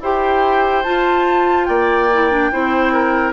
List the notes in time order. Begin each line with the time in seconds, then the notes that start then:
0.00 E4 G4 C5 G5
0.83 F4 A5
1.65 A#3 D5 G5
2.12 E4
2.31 D4
2.52 C4 E4 C5
2.93 A#4